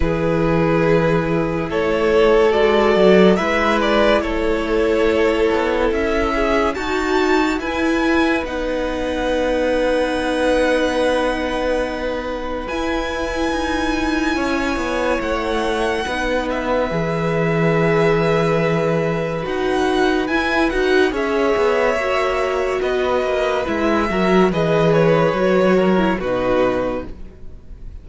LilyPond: <<
  \new Staff \with { instrumentName = "violin" } { \time 4/4 \tempo 4 = 71 b'2 cis''4 d''4 | e''8 d''8 cis''2 e''4 | a''4 gis''4 fis''2~ | fis''2. gis''4~ |
gis''2 fis''4. e''8~ | e''2. fis''4 | gis''8 fis''8 e''2 dis''4 | e''4 dis''8 cis''4. b'4 | }
  \new Staff \with { instrumentName = "violin" } { \time 4/4 gis'2 a'2 | b'4 a'2~ a'8 gis'8 | fis'4 b'2.~ | b'1~ |
b'4 cis''2 b'4~ | b'1~ | b'4 cis''2 b'4~ | b'8 ais'8 b'4. ais'8 fis'4 | }
  \new Staff \with { instrumentName = "viola" } { \time 4/4 e'2. fis'4 | e'1 | fis'4 e'4 dis'2~ | dis'2. e'4~ |
e'2. dis'4 | gis'2. fis'4 | e'8 fis'8 gis'4 fis'2 | e'8 fis'8 gis'4 fis'8. e'16 dis'4 | }
  \new Staff \with { instrumentName = "cello" } { \time 4/4 e2 a4 gis8 fis8 | gis4 a4. b8 cis'4 | dis'4 e'4 b2~ | b2. e'4 |
dis'4 cis'8 b8 a4 b4 | e2. dis'4 | e'8 dis'8 cis'8 b8 ais4 b8 ais8 | gis8 fis8 e4 fis4 b,4 | }
>>